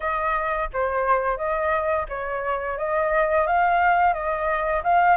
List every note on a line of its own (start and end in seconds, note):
0.00 0.69 D#5
0.73 1.37 C5
1.37 2.06 D#5
2.08 2.77 C#5
2.78 3.47 D#5
3.47 4.13 F5
4.13 4.82 D#5
4.83 5.17 F5